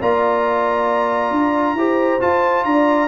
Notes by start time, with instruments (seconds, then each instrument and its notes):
0.00 tuba A#3, trombone F4, horn D5, trumpet A#5
1.31 tuba D4
1.74 tuba E4, trombone G4, horn C5
2.20 trombone F4, tuba F4, trumpet A5
2.64 tuba D4, horn D5, trumpet A#5